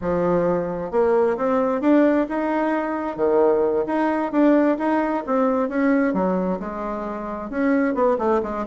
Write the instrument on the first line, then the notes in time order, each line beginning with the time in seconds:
bassoon
0.01 F3
0.91 A#3
1.37 C4
1.81 D4
2.28 D#4
3.16 D#3
3.86 D#4
4.32 D4
4.78 D#4
5.26 C4
5.68 C#4
6.13 F#3
6.59 G#3
7.50 C#4
7.94 B3
8.18 A3
8.42 G#3